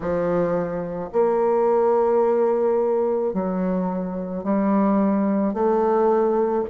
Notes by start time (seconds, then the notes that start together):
0.00 F3
1.12 A#3
3.33 F#3
4.43 G3
5.53 A3